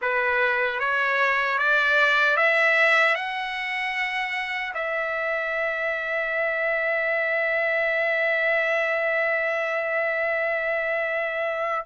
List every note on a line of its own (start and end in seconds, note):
0.01 0.79 B4
0.79 1.58 C#5
1.58 2.36 D5
2.36 3.15 E5
3.15 4.73 F#5
4.74 11.85 E5